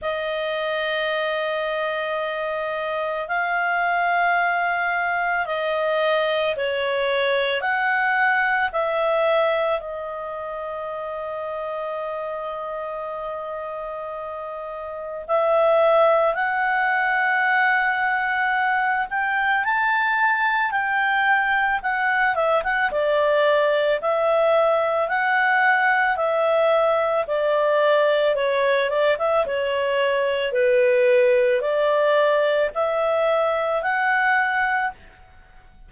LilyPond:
\new Staff \with { instrumentName = "clarinet" } { \time 4/4 \tempo 4 = 55 dis''2. f''4~ | f''4 dis''4 cis''4 fis''4 | e''4 dis''2.~ | dis''2 e''4 fis''4~ |
fis''4. g''8 a''4 g''4 | fis''8 e''16 fis''16 d''4 e''4 fis''4 | e''4 d''4 cis''8 d''16 e''16 cis''4 | b'4 d''4 e''4 fis''4 | }